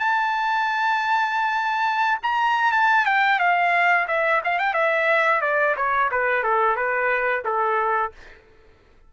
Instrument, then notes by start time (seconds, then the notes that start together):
trumpet
0.00 A5
2.23 A#5
2.72 A5
3.06 G5
3.40 F5
4.08 E5
4.45 F5
4.59 G5
4.74 E5
5.42 D5
5.77 C#5
6.12 B4
6.44 A4
6.76 B4
7.45 A4